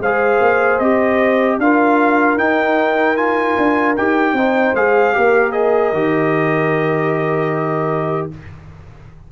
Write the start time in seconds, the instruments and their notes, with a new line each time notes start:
0.00 tuba G#3, trombone G#4, horn C5, trumpet F5
0.41 tuba A#3
0.79 tuba C4, trombone G4, trumpet D#5
1.59 tuba D4, trombone F4, horn A#4, trumpet F5
2.38 tuba D#4, trombone D#4, trumpet G5
3.17 trombone F4, trumpet G#5
3.58 tuba D4
3.97 tuba D#4, trombone G4, trumpet G5
4.33 tuba C4, trombone D#4, horn C5
4.75 tuba G#3, trombone G#4, trumpet F5
5.14 tuba A#3, trombone G4, horn A#4
5.53 trombone G#4, trumpet D#5
5.93 tuba D#3, trombone G4